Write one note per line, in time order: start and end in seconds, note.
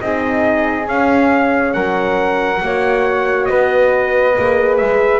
0.00 0.87 C4
0.00 0.84 D#4
0.00 1.74 G#4
0.00 0.87 D#5
0.84 2.58 C#4
0.84 1.74 C#4
0.84 1.73 F5
1.73 2.61 F#3
1.73 2.61 A#4
1.73 3.45 F#5
2.61 3.49 A#3
2.61 4.35 F#4
2.61 3.49 C#5
3.45 4.37 B3
3.45 5.19 B4
3.45 4.76 D#5
4.37 4.81 A#3
4.37 5.19 G#4
4.77 5.19 G#3
4.77 5.19 E5